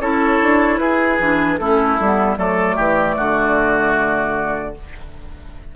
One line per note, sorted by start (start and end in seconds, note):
0.00 0.39 C#4
0.00 1.19 E4
0.00 0.79 A4
0.00 0.77 C#5
0.42 0.78 D4
0.77 1.17 E4
0.77 1.59 G#4
0.77 1.56 B4
1.19 1.58 E3
1.19 1.59 D4
1.57 1.99 A3
1.57 2.00 C#4
1.57 2.38 E4
1.57 2.36 A4
1.99 2.37 G3
1.99 2.37 B3
2.37 2.77 F#3
2.37 4.73 A3
2.37 2.75 A4
2.37 4.74 D5
2.75 3.16 E3
2.75 3.15 G4
3.16 4.75 D3
3.16 4.74 F#4